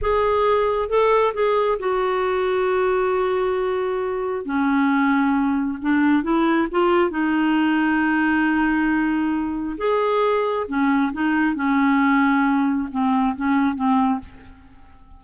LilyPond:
\new Staff \with { instrumentName = "clarinet" } { \time 4/4 \tempo 4 = 135 gis'2 a'4 gis'4 | fis'1~ | fis'2 cis'2~ | cis'4 d'4 e'4 f'4 |
dis'1~ | dis'2 gis'2 | cis'4 dis'4 cis'2~ | cis'4 c'4 cis'4 c'4 | }